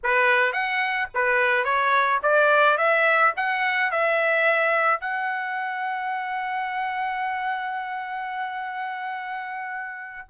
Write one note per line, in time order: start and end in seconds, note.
0.03 0.53 B4
0.53 1.08 F#5
1.14 1.64 B4
1.64 2.19 C#5
2.22 2.77 D5
2.77 3.33 E5
3.36 3.91 F#5
3.91 5.00 E5
5.00 10.28 F#5